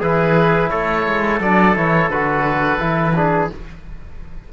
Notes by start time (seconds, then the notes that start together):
0.00 E3 E4 G#4 B4
0.70 A3 A4 C#5
1.07 G#3
1.41 F#3 D4 D5
1.76 E3 E4 C#5
2.09 D3 F#4 B4
2.80 E3 E4
3.15 D4 G#4